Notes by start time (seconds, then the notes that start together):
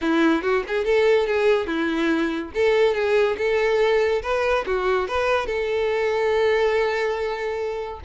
0.01 E4
0.42 F#4
0.67 G#4
0.85 A4
1.27 G#4
1.67 E4
2.54 A4
2.94 G#4
3.37 A4
4.22 B4
4.66 F#4
5.07 B4
5.46 A4